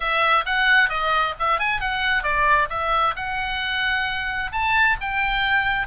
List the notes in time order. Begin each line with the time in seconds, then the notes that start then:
0.00 E5
0.45 F#5
0.89 D#5
1.39 E5
1.59 G#5
1.80 F#5
2.23 D5
2.69 E5
3.16 F#5
4.51 A5
5.01 G5